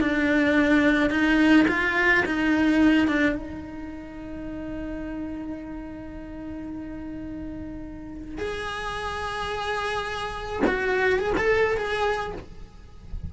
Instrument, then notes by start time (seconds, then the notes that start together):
cello
0.00 D4
1.10 D#4
1.67 F4
2.25 D#4
3.07 D4
3.35 D#4
8.38 G#4
10.66 F#4
11.19 G#4
11.37 A4
11.77 G#4